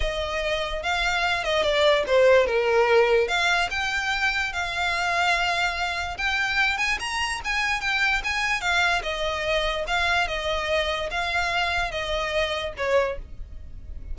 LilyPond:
\new Staff \with { instrumentName = "violin" } { \time 4/4 \tempo 4 = 146 dis''2 f''4. dis''8 | d''4 c''4 ais'2 | f''4 g''2 f''4~ | f''2. g''4~ |
g''8 gis''8 ais''4 gis''4 g''4 | gis''4 f''4 dis''2 | f''4 dis''2 f''4~ | f''4 dis''2 cis''4 | }